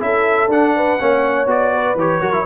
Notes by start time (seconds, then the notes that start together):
0.00 C#4 E4 A4 E5
0.48 D4 F#5
0.76 B4
0.99 A#3 C#4 C#5
1.46 B3 F#4 D5
1.73 B4
1.95 E3 G4 C#5
2.21 F#3 F#4 A#4
2.33 E4